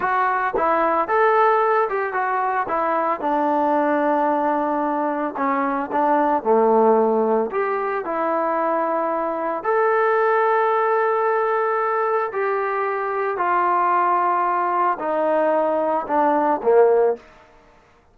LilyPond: \new Staff \with { instrumentName = "trombone" } { \time 4/4 \tempo 4 = 112 fis'4 e'4 a'4. g'8 | fis'4 e'4 d'2~ | d'2 cis'4 d'4 | a2 g'4 e'4~ |
e'2 a'2~ | a'2. g'4~ | g'4 f'2. | dis'2 d'4 ais4 | }